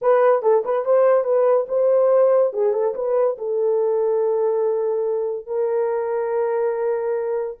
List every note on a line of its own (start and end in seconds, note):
0.01 0.42 B4
0.42 0.63 A4
0.64 0.85 B4
0.85 1.24 C5
1.24 1.66 B4
1.68 2.53 C5
2.53 2.73 G#4
2.73 2.94 A4
2.94 3.37 B4
3.37 5.46 A4
5.46 7.57 A#4